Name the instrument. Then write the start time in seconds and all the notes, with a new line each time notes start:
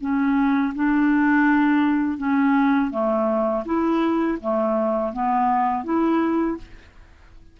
clarinet
0.00 C#4
0.75 D4
2.17 C#4
2.90 A3
3.65 E4
4.40 A3
5.13 B3
5.84 E4